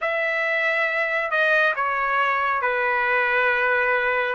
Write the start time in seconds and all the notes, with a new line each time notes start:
0.01 E5
1.30 D#5
1.75 C#5
2.61 B4